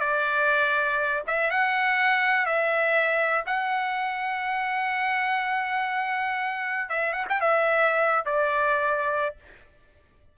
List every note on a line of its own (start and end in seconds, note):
0.00 1.23 D5
1.27 1.50 E5
1.50 2.46 F#5
2.46 3.44 E5
3.46 6.89 F#5
6.89 7.13 E5
7.13 7.25 F#5
7.29 7.40 G5
7.40 8.25 E5
8.25 9.36 D5